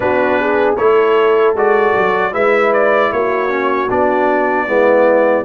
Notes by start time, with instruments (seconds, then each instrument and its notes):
0.00 tuba B3, trombone D4, horn F#4, trumpet B4
0.40 horn G#4
0.76 tuba A3, trombone E4, horn A4, trumpet C#5
1.54 tuba G#3, trombone F#4, trumpet D5
1.95 tuba F#3
2.32 tuba G#3, trombone E4, horn B4, trumpet E5
2.73 trumpet D5
3.12 tuba A#3, horn F#4, trumpet C#5
3.48 trombone C#4
3.89 tuba B3, trombone D4, trumpet D5
4.66 tuba G#3, trombone B3, horn E4